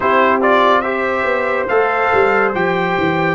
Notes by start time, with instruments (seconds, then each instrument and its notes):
0.00 tuba C4, trombone E4, horn G4, trumpet C5
0.41 trombone F4, trumpet D5
0.81 trombone G4, horn C5, trumpet E5
1.24 tuba B3
1.67 tuba A3, trombone A4, trumpet F5
2.13 tuba G3
2.54 tuba F3, trombone G4, trumpet G5
2.98 tuba E3